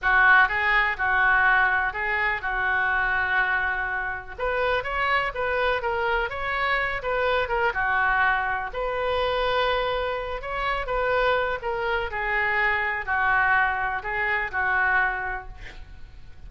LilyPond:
\new Staff \with { instrumentName = "oboe" } { \time 4/4 \tempo 4 = 124 fis'4 gis'4 fis'2 | gis'4 fis'2.~ | fis'4 b'4 cis''4 b'4 | ais'4 cis''4. b'4 ais'8 |
fis'2 b'2~ | b'4. cis''4 b'4. | ais'4 gis'2 fis'4~ | fis'4 gis'4 fis'2 | }